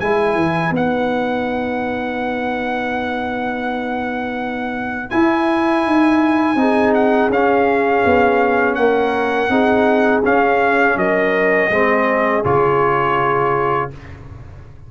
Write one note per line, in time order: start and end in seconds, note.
0.00 0.35 G#3
0.00 0.73 E4
0.00 6.59 B4
0.00 0.73 G#5
0.35 0.71 E3
0.71 5.10 B3
0.71 5.10 D#4
0.71 5.10 F#5
5.10 6.57 E4
5.10 5.86 E4
5.10 6.93 G#5
5.86 6.55 D#4
6.55 7.29 C4
6.55 7.31 D#4
6.55 8.79 G#4
6.94 7.31 F#5
7.30 8.03 C#4
7.30 9.50 C#4
7.30 8.75 F5
8.05 8.77 B3
8.75 9.49 A#3
8.75 9.51 A#4
8.75 10.21 F#5
9.49 10.22 C4
9.49 10.23 D#4
9.49 10.97 G#4
10.24 10.96 C#4
10.24 11.71 C#4
10.24 10.98 F5
10.96 11.69 F#3
10.96 11.71 A#4
10.96 12.45 D#5
11.70 12.43 G#3
11.70 12.44 C4
11.70 13.91 G#4
12.44 13.91 C#3
12.44 13.91 F4
12.44 13.91 C#5